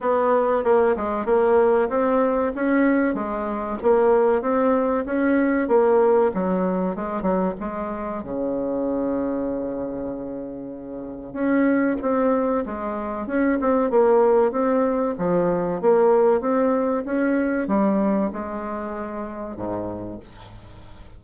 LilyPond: \new Staff \with { instrumentName = "bassoon" } { \time 4/4 \tempo 4 = 95 b4 ais8 gis8 ais4 c'4 | cis'4 gis4 ais4 c'4 | cis'4 ais4 fis4 gis8 fis8 | gis4 cis2.~ |
cis2 cis'4 c'4 | gis4 cis'8 c'8 ais4 c'4 | f4 ais4 c'4 cis'4 | g4 gis2 gis,4 | }